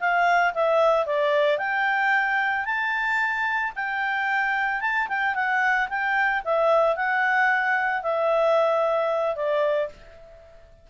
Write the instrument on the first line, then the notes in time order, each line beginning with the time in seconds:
clarinet
0.00 F5
0.54 E5
1.06 D5
1.58 G5
2.65 A5
3.75 G5
4.81 A5
5.08 G5
5.34 F#5
5.89 G5
6.44 E5
6.96 F#5
8.02 E5
9.36 D5